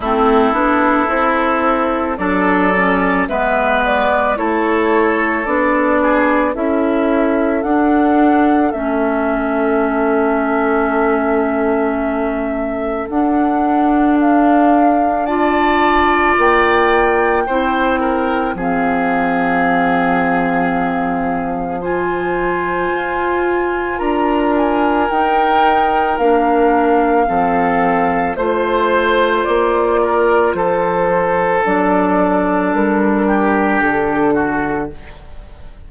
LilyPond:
<<
  \new Staff \with { instrumentName = "flute" } { \time 4/4 \tempo 4 = 55 a'2 d''4 e''8 d''8 | cis''4 d''4 e''4 fis''4 | e''1 | fis''4 f''4 a''4 g''4~ |
g''4 f''2. | gis''2 ais''8 gis''8 g''4 | f''2 c''4 d''4 | c''4 d''4 ais'4 a'4 | }
  \new Staff \with { instrumentName = "oboe" } { \time 4/4 e'2 a'4 b'4 | a'4. gis'8 a'2~ | a'1~ | a'2 d''2 |
c''8 ais'8 gis'2. | c''2 ais'2~ | ais'4 a'4 c''4. ais'8 | a'2~ a'8 g'4 fis'8 | }
  \new Staff \with { instrumentName = "clarinet" } { \time 4/4 c'8 d'8 e'4 d'8 cis'8 b4 | e'4 d'4 e'4 d'4 | cis'1 | d'2 f'2 |
e'4 c'2. | f'2. dis'4 | d'4 c'4 f'2~ | f'4 d'2. | }
  \new Staff \with { instrumentName = "bassoon" } { \time 4/4 a8 b8 c'4 fis4 gis4 | a4 b4 cis'4 d'4 | a1 | d'2. ais4 |
c'4 f2.~ | f4 f'4 d'4 dis'4 | ais4 f4 a4 ais4 | f4 fis4 g4 d4 | }
>>